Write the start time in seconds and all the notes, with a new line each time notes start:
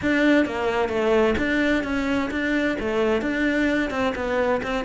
0.01 D4
0.45 A#3
0.88 A3
1.37 D4
1.83 C#4
2.31 D4
2.79 A3
3.21 D4
3.90 C4
4.15 B3
4.63 C4